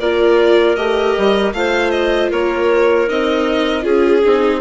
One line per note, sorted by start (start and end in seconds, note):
0.00 0.77 A#3
0.00 0.77 F4
0.00 1.54 A#4
0.00 0.76 D5
0.76 1.15 A3
0.76 1.54 G4
0.76 1.53 D#5
1.18 1.53 G3
1.53 2.30 A3
1.53 3.08 F4
1.53 2.30 C5
1.53 1.91 F5
1.91 2.29 D#5
2.30 3.09 A#3
2.30 3.84 A#4
2.30 3.09 C#5
3.08 3.84 C4
3.08 3.82 D#4
3.08 3.84 D#5
3.82 4.23 C#4
3.82 4.20 F4
3.82 4.61 G#4
4.24 4.61 C4
4.24 4.61 D#4